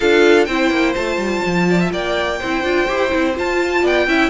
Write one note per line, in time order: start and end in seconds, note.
0.00 0.47 D4
0.00 0.48 F4
0.00 0.46 A4
0.00 0.45 F5
0.45 0.70 C4
0.45 0.95 E4
0.45 1.66 C5
0.45 0.93 G5
0.70 0.94 A#3
0.95 1.17 A3
0.95 2.39 F4
0.95 1.91 A5
1.17 1.41 G3
1.46 1.91 F3
1.70 1.79 D5
1.79 1.92 E5
1.91 2.39 A#3
1.91 2.39 D5
1.91 3.36 G5
2.39 2.63 C4
2.39 2.64 E4
2.39 3.82 C5
2.63 2.87 D4
2.63 2.87 F4
2.87 3.12 E4
2.87 3.09 G4
3.09 3.38 C4
3.09 3.33 E4
3.36 4.08 F4
3.36 3.83 F4
3.36 3.86 A5
3.82 4.07 B3
3.82 4.06 D5
3.82 4.29 G5
4.07 4.29 C#4
4.07 4.29 E4
4.07 4.29 E5